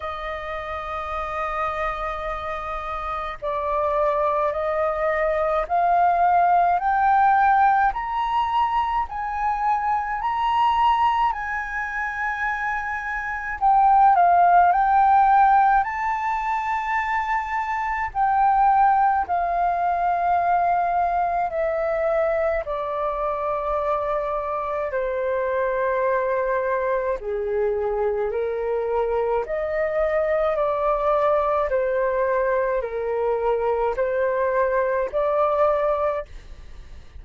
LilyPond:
\new Staff \with { instrumentName = "flute" } { \time 4/4 \tempo 4 = 53 dis''2. d''4 | dis''4 f''4 g''4 ais''4 | gis''4 ais''4 gis''2 | g''8 f''8 g''4 a''2 |
g''4 f''2 e''4 | d''2 c''2 | gis'4 ais'4 dis''4 d''4 | c''4 ais'4 c''4 d''4 | }